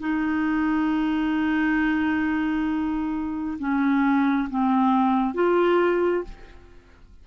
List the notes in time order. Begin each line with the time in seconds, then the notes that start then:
0.00 D#4
3.59 C#4
4.49 C4
5.34 F4